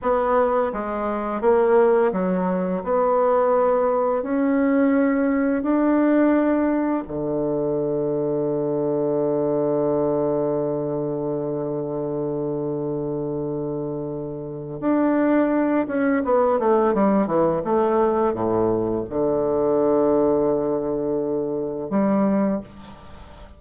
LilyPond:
\new Staff \with { instrumentName = "bassoon" } { \time 4/4 \tempo 4 = 85 b4 gis4 ais4 fis4 | b2 cis'2 | d'2 d2~ | d1~ |
d1~ | d4 d'4. cis'8 b8 a8 | g8 e8 a4 a,4 d4~ | d2. g4 | }